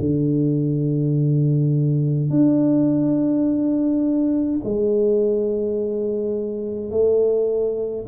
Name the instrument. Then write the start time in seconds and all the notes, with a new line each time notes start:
tuba
0.00 D3
2.30 D4
4.64 G#3
6.91 A3